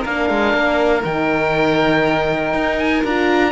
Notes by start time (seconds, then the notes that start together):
0.00 A#3 D4 A#4 F5
0.30 G#3
0.53 A#3
1.03 D#3 D#4 G5
2.53 D#4
2.77 G#5
3.03 D4 F4 A#5